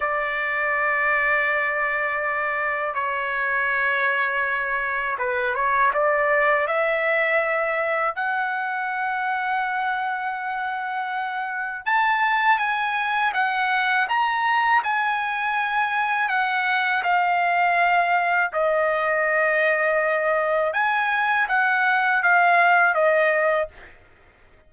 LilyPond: \new Staff \with { instrumentName = "trumpet" } { \time 4/4 \tempo 4 = 81 d''1 | cis''2. b'8 cis''8 | d''4 e''2 fis''4~ | fis''1 |
a''4 gis''4 fis''4 ais''4 | gis''2 fis''4 f''4~ | f''4 dis''2. | gis''4 fis''4 f''4 dis''4 | }